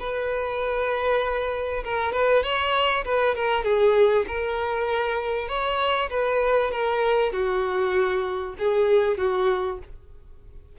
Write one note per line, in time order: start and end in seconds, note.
0.00 1.84 B4
1.84 2.13 A#4
2.13 2.44 B4
2.44 3.05 C#5
3.05 3.35 B4
3.35 3.65 A#4
3.65 4.26 G#4
4.27 5.49 A#4
5.49 6.10 C#5
6.11 6.72 B4
6.72 7.33 A#4
7.33 8.55 F#4
8.59 9.18 G#4
9.18 9.79 F#4